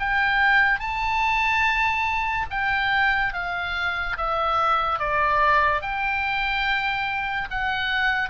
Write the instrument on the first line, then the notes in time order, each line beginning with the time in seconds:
oboe
0.00 G5
0.80 A5
2.51 G5
3.34 F5
4.18 E5
5.00 D5
5.82 G5
7.51 F#5